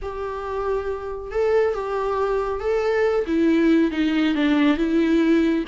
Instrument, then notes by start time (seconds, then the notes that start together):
viola
0.02 G4
1.31 A4
1.74 G4
2.60 A4
3.26 E4
3.91 D#4
4.34 D4
4.77 E4